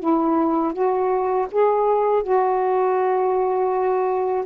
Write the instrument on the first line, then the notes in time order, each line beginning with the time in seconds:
saxophone
0.00 E4
0.73 F#4
1.52 G#4
2.23 F#4